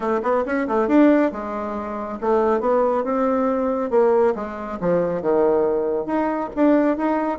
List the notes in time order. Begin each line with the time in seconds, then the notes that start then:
0.00 A3
0.22 B3
0.45 C#4
0.67 A3
0.88 D4
1.32 G#3
2.20 A3
2.60 B3
3.03 C4
3.90 A#3
4.35 G#3
4.80 F3
5.22 D#3
6.06 D#4
6.55 D4
6.97 D#4